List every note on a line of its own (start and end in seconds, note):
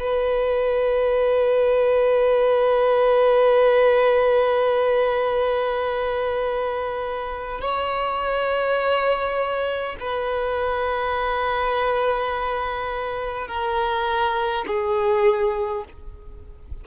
0.00 7.61 B4
7.61 9.97 C#5
10.01 13.48 B4
13.48 14.66 A#4
14.67 15.85 G#4